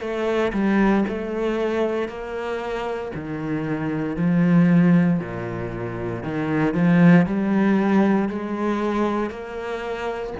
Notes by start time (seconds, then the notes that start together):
0.00 A3
0.53 G3
1.08 A3
2.08 A#3
3.15 D#3
4.16 F3
5.19 A#2
6.23 D#3
6.74 F3
7.26 G3
8.29 G#3
9.30 A#3